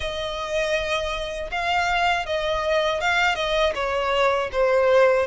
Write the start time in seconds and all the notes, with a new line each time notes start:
0.00 D#5
1.51 F5
2.26 D#5
3.00 F5
3.35 D#5
3.75 C#5
4.51 C5